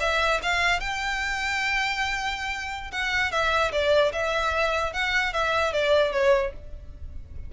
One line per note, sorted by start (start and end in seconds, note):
0.00 0.40 E5
0.42 0.80 F5
0.80 2.91 G5
2.92 3.31 F#5
3.31 3.72 E5
3.72 4.12 D5
4.12 4.93 E5
4.93 5.33 F#5
5.33 5.73 E5
5.73 6.12 D5
6.12 6.52 C#5